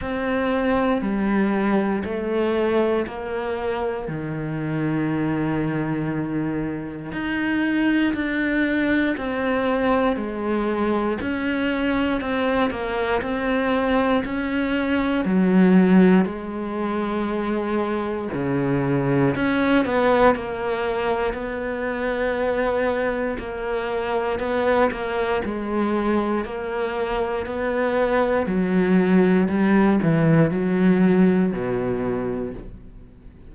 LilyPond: \new Staff \with { instrumentName = "cello" } { \time 4/4 \tempo 4 = 59 c'4 g4 a4 ais4 | dis2. dis'4 | d'4 c'4 gis4 cis'4 | c'8 ais8 c'4 cis'4 fis4 |
gis2 cis4 cis'8 b8 | ais4 b2 ais4 | b8 ais8 gis4 ais4 b4 | fis4 g8 e8 fis4 b,4 | }